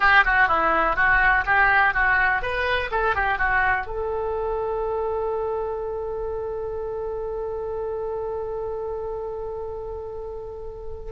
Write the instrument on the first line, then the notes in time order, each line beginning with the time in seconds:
oboe
0.00 G4
0.24 F#4
0.48 E4
0.96 F#4
1.45 G4
1.94 F#4
2.42 B4
2.91 A4
3.15 G4
3.38 F#4
3.86 A4